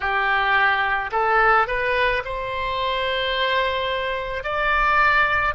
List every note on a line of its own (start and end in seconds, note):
0.00 1.11 G4
1.11 1.67 A4
1.67 2.22 B4
2.24 4.43 C5
4.43 5.54 D5